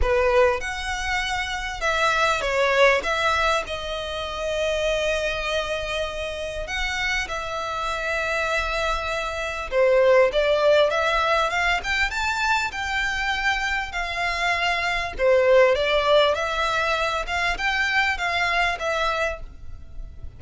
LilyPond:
\new Staff \with { instrumentName = "violin" } { \time 4/4 \tempo 4 = 99 b'4 fis''2 e''4 | cis''4 e''4 dis''2~ | dis''2. fis''4 | e''1 |
c''4 d''4 e''4 f''8 g''8 | a''4 g''2 f''4~ | f''4 c''4 d''4 e''4~ | e''8 f''8 g''4 f''4 e''4 | }